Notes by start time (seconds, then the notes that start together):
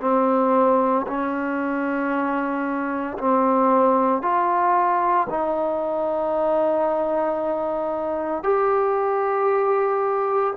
0.00 C4
1.07 C#4
3.18 C4
4.22 F4
5.29 D#4
8.43 G4